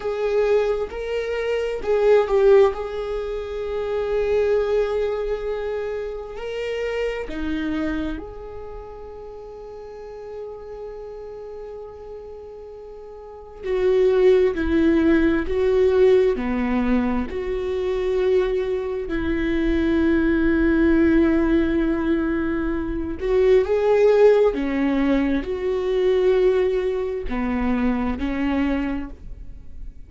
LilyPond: \new Staff \with { instrumentName = "viola" } { \time 4/4 \tempo 4 = 66 gis'4 ais'4 gis'8 g'8 gis'4~ | gis'2. ais'4 | dis'4 gis'2.~ | gis'2. fis'4 |
e'4 fis'4 b4 fis'4~ | fis'4 e'2.~ | e'4. fis'8 gis'4 cis'4 | fis'2 b4 cis'4 | }